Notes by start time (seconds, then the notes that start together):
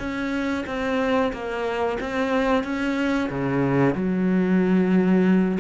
0.00 C#4
0.67 C4
1.33 A#3
2.01 C4
2.64 C#4
3.30 C#3
3.96 F#3